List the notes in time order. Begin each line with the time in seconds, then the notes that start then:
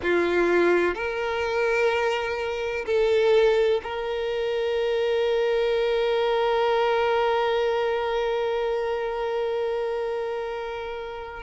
0.02 F4
0.94 A#4
2.86 A4
3.83 A#4